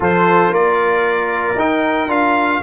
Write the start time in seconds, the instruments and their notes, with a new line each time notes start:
0.00 tuba F3, trombone F4, horn A4, trumpet C5
0.49 tuba A#3, horn A#4, trumpet D5
1.55 tuba D#4, trombone D#4, trumpet G5
2.07 tuba D4, trombone F4, trumpet F5